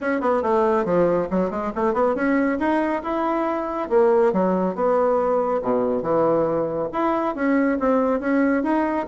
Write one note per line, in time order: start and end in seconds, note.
0.00 0.21 C#4
0.21 0.42 B3
0.42 0.85 A3
0.85 1.28 F3
1.30 1.50 F#3
1.50 1.71 G#3
1.75 1.93 A3
1.93 2.15 B3
2.15 2.58 C#4
2.59 3.02 D#4
3.02 3.89 E4
3.89 4.32 A#3
4.32 4.75 F#3
4.75 5.61 B3
5.62 6.02 B2
6.02 6.88 E3
6.92 7.35 E4
7.35 7.78 C#4
7.79 8.20 C4
8.20 8.63 C#4
8.63 9.06 D#4